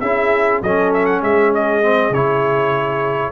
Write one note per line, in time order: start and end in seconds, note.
0.00 0.61 C#4
0.00 0.63 E4
0.00 0.62 G#4
0.00 0.60 E5
0.62 1.22 F#3
0.62 1.82 C#4
0.62 1.22 A4
0.62 0.92 D#5
0.94 1.05 E5
1.05 1.20 F#5
1.22 2.10 G#3
1.22 3.32 G#4
1.22 1.53 E5
1.54 2.14 D#5
1.82 2.12 C4
2.10 3.30 C#3
2.10 3.32 E4
2.10 3.32 C#5